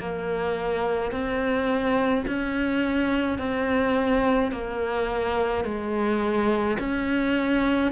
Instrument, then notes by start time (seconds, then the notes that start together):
cello
0.00 A#3
1.12 C4
2.27 C#4
3.39 C4
4.52 A#3
5.64 G#3
6.80 C#4